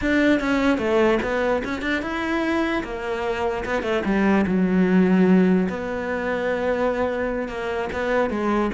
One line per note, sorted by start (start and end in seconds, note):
0.01 0.40 D4
0.40 0.78 C#4
0.78 1.18 A3
1.22 1.63 B3
1.64 1.81 C#4
1.81 2.02 D4
2.02 2.83 E4
2.83 3.64 A#3
3.65 3.82 B3
3.82 4.02 A3
4.04 4.45 G3
4.46 5.68 F#3
5.69 7.48 B3
7.48 7.89 A#3
7.93 8.30 B3
8.30 8.70 G#3